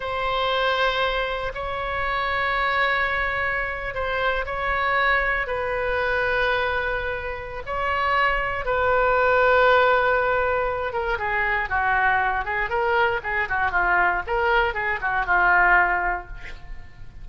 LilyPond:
\new Staff \with { instrumentName = "oboe" } { \time 4/4 \tempo 4 = 118 c''2. cis''4~ | cis''2.~ cis''8. c''16~ | c''8. cis''2 b'4~ b'16~ | b'2. cis''4~ |
cis''4 b'2.~ | b'4. ais'8 gis'4 fis'4~ | fis'8 gis'8 ais'4 gis'8 fis'8 f'4 | ais'4 gis'8 fis'8 f'2 | }